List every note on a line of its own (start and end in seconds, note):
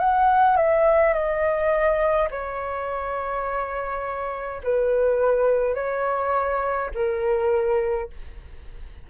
0.00 0.57 F#5
0.57 1.14 E5
1.14 2.29 D#5
2.31 4.62 C#5
4.64 5.75 B4
5.75 6.91 C#5
6.95 8.10 A#4